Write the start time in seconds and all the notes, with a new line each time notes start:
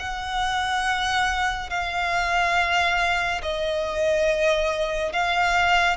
0.00 F#5
1.70 F5
3.42 D#5
5.13 F5